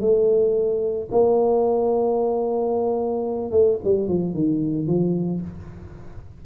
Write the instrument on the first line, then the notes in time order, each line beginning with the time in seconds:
tuba
0.00 A3
1.11 A#3
3.51 A3
3.84 G3
4.08 F3
4.33 D#3
4.87 F3